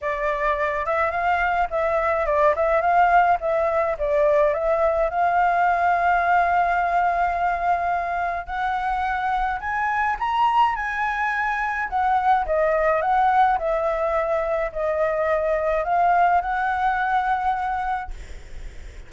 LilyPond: \new Staff \with { instrumentName = "flute" } { \time 4/4 \tempo 4 = 106 d''4. e''8 f''4 e''4 | d''8 e''8 f''4 e''4 d''4 | e''4 f''2.~ | f''2. fis''4~ |
fis''4 gis''4 ais''4 gis''4~ | gis''4 fis''4 dis''4 fis''4 | e''2 dis''2 | f''4 fis''2. | }